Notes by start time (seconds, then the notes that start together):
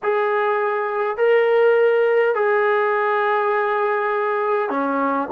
0.03 G#4
1.17 A#4
2.35 G#4
4.70 C#4